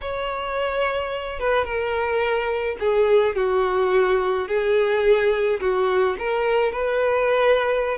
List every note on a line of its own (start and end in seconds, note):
0.01 1.39 C#5
1.39 1.64 B4
1.64 2.77 A#4
2.79 3.35 G#4
3.35 4.47 F#4
4.48 5.60 G#4
5.60 6.16 F#4
6.18 6.72 A#4
6.72 7.98 B4